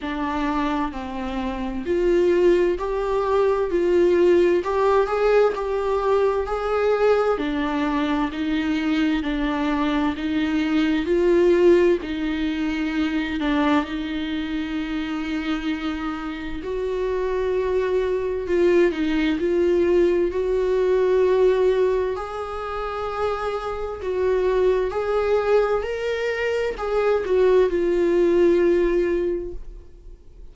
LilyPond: \new Staff \with { instrumentName = "viola" } { \time 4/4 \tempo 4 = 65 d'4 c'4 f'4 g'4 | f'4 g'8 gis'8 g'4 gis'4 | d'4 dis'4 d'4 dis'4 | f'4 dis'4. d'8 dis'4~ |
dis'2 fis'2 | f'8 dis'8 f'4 fis'2 | gis'2 fis'4 gis'4 | ais'4 gis'8 fis'8 f'2 | }